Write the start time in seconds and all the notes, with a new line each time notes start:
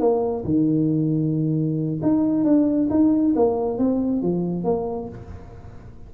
0.00 A#3
0.45 D#3
2.02 D#4
2.44 D4
2.91 D#4
3.36 A#3
3.78 C4
4.22 F3
4.64 A#3